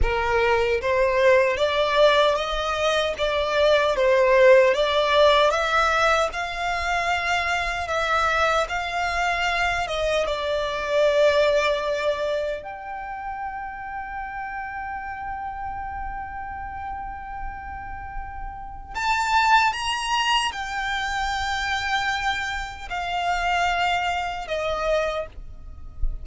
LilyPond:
\new Staff \with { instrumentName = "violin" } { \time 4/4 \tempo 4 = 76 ais'4 c''4 d''4 dis''4 | d''4 c''4 d''4 e''4 | f''2 e''4 f''4~ | f''8 dis''8 d''2. |
g''1~ | g''1 | a''4 ais''4 g''2~ | g''4 f''2 dis''4 | }